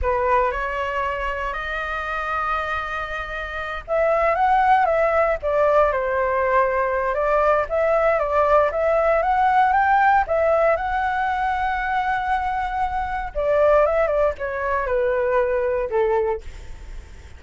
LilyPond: \new Staff \with { instrumentName = "flute" } { \time 4/4 \tempo 4 = 117 b'4 cis''2 dis''4~ | dis''2.~ dis''8 e''8~ | e''8 fis''4 e''4 d''4 c''8~ | c''2 d''4 e''4 |
d''4 e''4 fis''4 g''4 | e''4 fis''2.~ | fis''2 d''4 e''8 d''8 | cis''4 b'2 a'4 | }